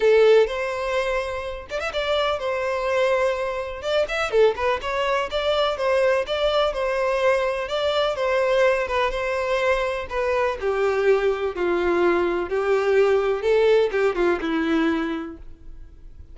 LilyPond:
\new Staff \with { instrumentName = "violin" } { \time 4/4 \tempo 4 = 125 a'4 c''2~ c''8 d''16 e''16 | d''4 c''2. | d''8 e''8 a'8 b'8 cis''4 d''4 | c''4 d''4 c''2 |
d''4 c''4. b'8 c''4~ | c''4 b'4 g'2 | f'2 g'2 | a'4 g'8 f'8 e'2 | }